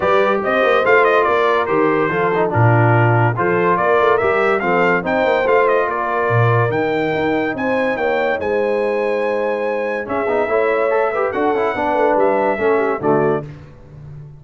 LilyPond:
<<
  \new Staff \with { instrumentName = "trumpet" } { \time 4/4 \tempo 4 = 143 d''4 dis''4 f''8 dis''8 d''4 | c''2 ais'2 | c''4 d''4 e''4 f''4 | g''4 f''8 dis''8 d''2 |
g''2 gis''4 g''4 | gis''1 | e''2. fis''4~ | fis''4 e''2 d''4 | }
  \new Staff \with { instrumentName = "horn" } { \time 4/4 b'4 c''2 ais'4~ | ais'4 a'4 f'2 | a'4 ais'2 a'4 | c''2 ais'2~ |
ais'2 c''4 cis''4 | c''1 | gis'4 cis''4. b'8 a'4 | b'2 a'8 g'8 fis'4 | }
  \new Staff \with { instrumentName = "trombone" } { \time 4/4 g'2 f'2 | g'4 f'8 dis'8 d'2 | f'2 g'4 c'4 | dis'4 f'2. |
dis'1~ | dis'1 | cis'8 dis'8 e'4 a'8 g'8 fis'8 e'8 | d'2 cis'4 a4 | }
  \new Staff \with { instrumentName = "tuba" } { \time 4/4 g4 c'8 ais8 a4 ais4 | dis4 f4 ais,2 | f4 ais8 a8 g4 f4 | c'8 ais8 a4 ais4 ais,4 |
dis4 dis'4 c'4 ais4 | gis1 | cis'8 b8 a2 d'8 cis'8 | b8 a8 g4 a4 d4 | }
>>